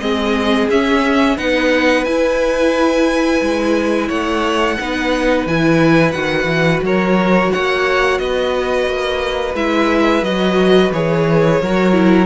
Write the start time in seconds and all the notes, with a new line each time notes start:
0.00 G#3 C4 G#4 D#5
0.69 C#4 E5
1.37 B3 D#4 B4 F#5
2.05 E4 G#5
3.41 G#3
4.08 A3 C#5 F#5
4.80 B3 D#4 B4
5.46 E3 E4 G#5
6.12 D#3 F#4 F#5
6.45 E3
6.83 F#3 A#4 C#5
7.52 A#3 C#5 F#5
8.18 B3 B4 D#5
8.87 A#3
9.55 G#3 E4 E5
10.23 F#3 F#4 D#5
10.93 E3 G#4 C#5
11.61 F#3 F#4 A#4
11.93 E4